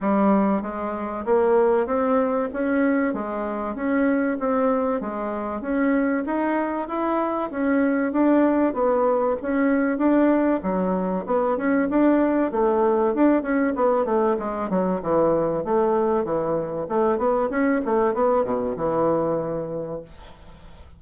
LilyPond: \new Staff \with { instrumentName = "bassoon" } { \time 4/4 \tempo 4 = 96 g4 gis4 ais4 c'4 | cis'4 gis4 cis'4 c'4 | gis4 cis'4 dis'4 e'4 | cis'4 d'4 b4 cis'4 |
d'4 fis4 b8 cis'8 d'4 | a4 d'8 cis'8 b8 a8 gis8 fis8 | e4 a4 e4 a8 b8 | cis'8 a8 b8 b,8 e2 | }